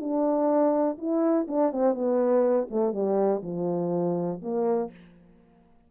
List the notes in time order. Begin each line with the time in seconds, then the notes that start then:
0.00 D4
0.98 E4
1.48 D4
1.72 C4
1.94 B3
2.70 A3
2.93 G3
3.43 F3
4.42 A#3